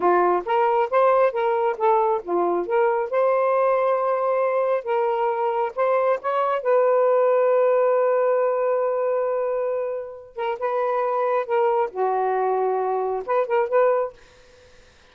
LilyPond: \new Staff \with { instrumentName = "saxophone" } { \time 4/4 \tempo 4 = 136 f'4 ais'4 c''4 ais'4 | a'4 f'4 ais'4 c''4~ | c''2. ais'4~ | ais'4 c''4 cis''4 b'4~ |
b'1~ | b'2.~ b'8 ais'8 | b'2 ais'4 fis'4~ | fis'2 b'8 ais'8 b'4 | }